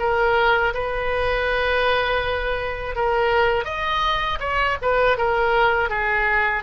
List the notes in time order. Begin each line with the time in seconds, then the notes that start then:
0.00 A#4
0.74 B4
2.96 A#4
3.65 D#5
4.40 C#5
4.82 B4
5.18 A#4
5.90 G#4